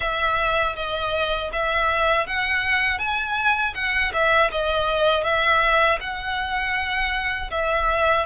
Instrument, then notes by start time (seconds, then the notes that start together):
violin
0.00 E5
0.75 D#5
1.52 E5
2.26 F#5
2.98 G#5
3.74 F#5
4.13 E5
4.51 D#5
5.23 E5
6.00 F#5
7.50 E5